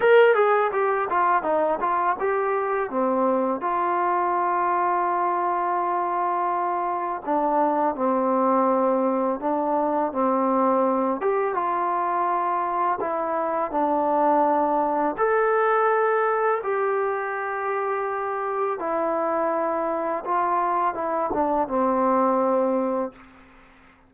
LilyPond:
\new Staff \with { instrumentName = "trombone" } { \time 4/4 \tempo 4 = 83 ais'8 gis'8 g'8 f'8 dis'8 f'8 g'4 | c'4 f'2.~ | f'2 d'4 c'4~ | c'4 d'4 c'4. g'8 |
f'2 e'4 d'4~ | d'4 a'2 g'4~ | g'2 e'2 | f'4 e'8 d'8 c'2 | }